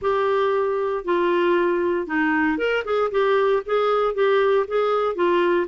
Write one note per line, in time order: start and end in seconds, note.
0.01 1.05 G4
1.05 2.06 F4
2.06 2.57 D#4
2.57 2.83 A#4
2.84 3.10 G#4
3.11 3.62 G4
3.65 4.14 G#4
4.14 4.66 G4
4.67 5.15 G#4
5.15 5.66 F4